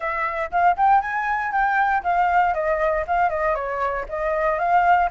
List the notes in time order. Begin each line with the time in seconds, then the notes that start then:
0.00 E5
0.51 F5
0.77 G5
1.01 G#5
1.51 G5
2.03 F5
2.54 D#5
3.07 F5
3.29 D#5
3.55 C#5
4.08 D#5
4.58 F5